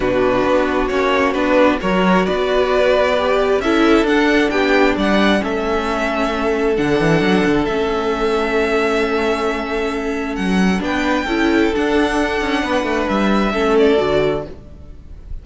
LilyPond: <<
  \new Staff \with { instrumentName = "violin" } { \time 4/4 \tempo 4 = 133 b'2 cis''4 b'4 | cis''4 d''2. | e''4 fis''4 g''4 fis''4 | e''2. fis''4~ |
fis''4 e''2.~ | e''2. fis''4 | g''2 fis''2~ | fis''4 e''4. d''4. | }
  \new Staff \with { instrumentName = "violin" } { \time 4/4 fis'1 | ais'4 b'2. | a'2 g'4 d''4 | a'1~ |
a'1~ | a'1 | b'4 a'2. | b'2 a'2 | }
  \new Staff \with { instrumentName = "viola" } { \time 4/4 d'2 cis'4 d'4 | fis'2. g'4 | e'4 d'2. | cis'2. d'4~ |
d'4 cis'2.~ | cis'1 | d'4 e'4 d'2~ | d'2 cis'4 fis'4 | }
  \new Staff \with { instrumentName = "cello" } { \time 4/4 b,4 b4 ais4 b4 | fis4 b2. | cis'4 d'4 b4 g4 | a2. d8 e8 |
fis8 d8 a2.~ | a2. fis4 | b4 cis'4 d'4. cis'8 | b8 a8 g4 a4 d4 | }
>>